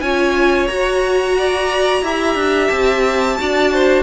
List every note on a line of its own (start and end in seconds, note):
0.00 0.69 C#4
0.00 0.70 F4
0.00 1.37 C#5
0.00 0.67 G#5
0.67 2.04 F#4
0.67 2.02 F#4
0.67 2.68 A#5
1.38 2.04 D5
2.02 2.35 E4
2.02 3.38 G4
2.02 3.39 E5
2.35 2.69 D4
2.68 3.39 C4
2.68 4.03 A5
3.38 4.03 D4
3.38 4.03 F#4
3.38 3.73 D5
3.73 4.03 C5